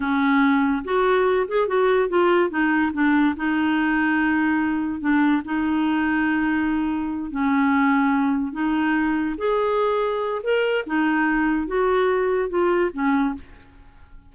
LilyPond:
\new Staff \with { instrumentName = "clarinet" } { \time 4/4 \tempo 4 = 144 cis'2 fis'4. gis'8 | fis'4 f'4 dis'4 d'4 | dis'1 | d'4 dis'2.~ |
dis'4. cis'2~ cis'8~ | cis'8 dis'2 gis'4.~ | gis'4 ais'4 dis'2 | fis'2 f'4 cis'4 | }